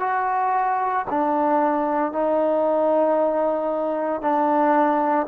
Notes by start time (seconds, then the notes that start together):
0.00 F#4
1.10 D4
2.12 D#4
4.21 D4